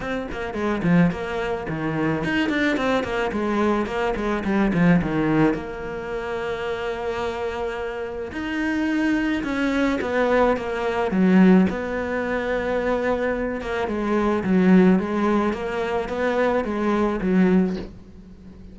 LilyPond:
\new Staff \with { instrumentName = "cello" } { \time 4/4 \tempo 4 = 108 c'8 ais8 gis8 f8 ais4 dis4 | dis'8 d'8 c'8 ais8 gis4 ais8 gis8 | g8 f8 dis4 ais2~ | ais2. dis'4~ |
dis'4 cis'4 b4 ais4 | fis4 b2.~ | b8 ais8 gis4 fis4 gis4 | ais4 b4 gis4 fis4 | }